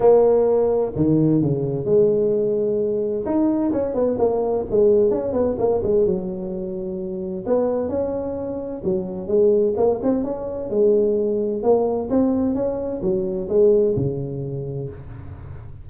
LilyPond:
\new Staff \with { instrumentName = "tuba" } { \time 4/4 \tempo 4 = 129 ais2 dis4 cis4 | gis2. dis'4 | cis'8 b8 ais4 gis4 cis'8 b8 | ais8 gis8 fis2. |
b4 cis'2 fis4 | gis4 ais8 c'8 cis'4 gis4~ | gis4 ais4 c'4 cis'4 | fis4 gis4 cis2 | }